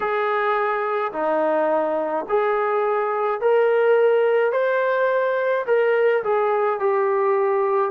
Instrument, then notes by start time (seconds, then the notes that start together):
trombone
0.00 G#4
1.12 D#4
2.28 G#4
3.40 A#4
4.52 C5
5.66 A#4
6.23 G#4
6.79 G4